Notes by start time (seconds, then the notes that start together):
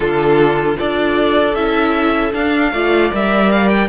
0.00 D3 D4 F4 A4
0.75 F4 A4 D5
0.81 D4
1.54 C#4 E4 E5
2.32 D4 F5
2.72 A3 F4 D5
3.12 G3 A#4 E5
3.51 F5
3.68 G5